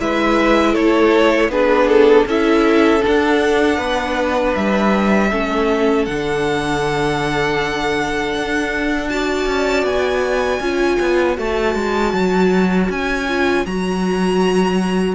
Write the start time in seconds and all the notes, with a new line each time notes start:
0.00 G#3 E4 B4 E5
0.73 A3 A4 C#5
1.49 B3 D4 G#4 B4
1.89 A4
2.26 C#4 E4 A4 E5
3.01 D4 F#5
3.07 D4
3.78 B3 B4
4.56 G3 E5
5.31 A3 C#4 A4
6.06 D3 D4 F#5
8.35 D4
9.09 F#4 D5 A5
9.46 C#4
9.84 B3 G#5
10.60 C#4 F4 C#5
11.00 B3
11.36 A3 F#4 A5
11.76 G#3
12.13 F#3
12.90 C#4 G#5
13.29 F4
13.66 F#3 F#4 A#5